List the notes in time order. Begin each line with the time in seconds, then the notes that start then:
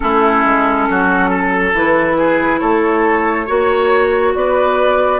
0.00 A3 C#4 E4 A4
0.45 G#3
0.88 F#3 F#4
1.30 A4
1.73 E3 E4 B4
2.18 G#4
2.59 A3 A4 C#5
3.46 A#3 F#4 C#5
4.34 B3 B4 D5